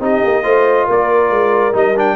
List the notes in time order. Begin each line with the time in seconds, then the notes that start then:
0.00 C4 D#4 G4 D#5
0.25 A#3
0.44 A3 F4 C5
0.86 A#3 A#4 D5
1.31 G#3
1.74 G3 D#4 D#5
1.97 D4 G5